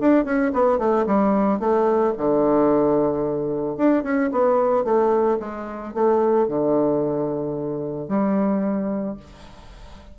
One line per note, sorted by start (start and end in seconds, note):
0.00 0.25 D4
0.25 0.52 C#4
0.53 0.78 B3
0.78 1.05 A3
1.06 1.59 G3
1.59 2.13 A3
2.17 3.77 D3
3.77 4.03 D4
4.03 4.30 C#4
4.31 4.84 B3
4.84 5.38 A3
5.40 5.94 G#3
5.94 6.48 A3
6.48 8.08 D3
8.08 9.16 G3